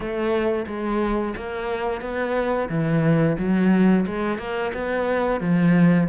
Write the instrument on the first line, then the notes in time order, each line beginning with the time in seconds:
cello
0.00 A3
0.67 G#3
1.36 A#3
2.01 B3
2.69 E3
3.38 F#3
4.06 G#3
4.38 A#3
4.73 B3
5.40 F3